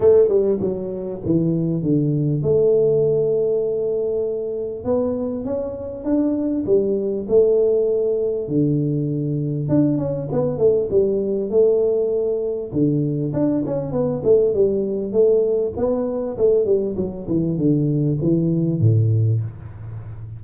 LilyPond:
\new Staff \with { instrumentName = "tuba" } { \time 4/4 \tempo 4 = 99 a8 g8 fis4 e4 d4 | a1 | b4 cis'4 d'4 g4 | a2 d2 |
d'8 cis'8 b8 a8 g4 a4~ | a4 d4 d'8 cis'8 b8 a8 | g4 a4 b4 a8 g8 | fis8 e8 d4 e4 a,4 | }